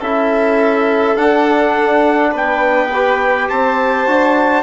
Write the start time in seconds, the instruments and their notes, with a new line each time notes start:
0.00 bassoon C#4, trombone E4, violin A4, trumpet E5
1.16 trombone D4, bassoon D4, trumpet F#5
2.32 bassoon B3, violin B4, trumpet G5
2.94 trombone G4
3.49 bassoon C4, violin C5, trumpet A5
4.07 bassoon D4, trombone F#4